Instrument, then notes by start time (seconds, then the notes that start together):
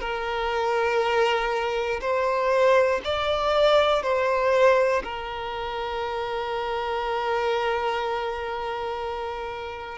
violin
0.00 A#4
2.01 C5
3.04 D5
4.02 C5
5.04 A#4